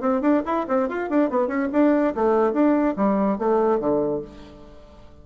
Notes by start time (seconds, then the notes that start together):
0.00 C4
0.21 D4
0.45 E4
0.68 C4
0.88 F4
1.09 D4
1.29 B3
1.47 C#4
1.72 D4
2.14 A3
2.52 D4
2.96 G3
3.38 A3
3.79 D3